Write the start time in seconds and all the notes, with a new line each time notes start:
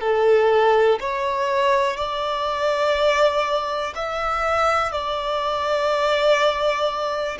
0.00 A4
1.00 C#5
1.97 D5
3.95 E5
4.92 D5